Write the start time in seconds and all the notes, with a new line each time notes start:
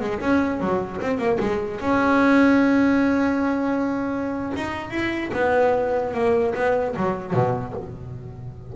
0.00 G#3
0.20 C#4
0.60 F#3
1.00 C4
1.18 A#3
1.40 G#3
1.80 C#4
4.56 D#4
4.90 E4
5.33 B3
6.14 A#3
6.54 B3
6.96 F#3
7.33 B2